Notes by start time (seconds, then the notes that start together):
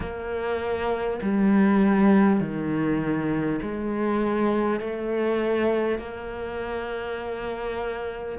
0.00 A#3
1.22 G3
2.40 D#3
3.62 G#3
4.79 A3
5.98 A#3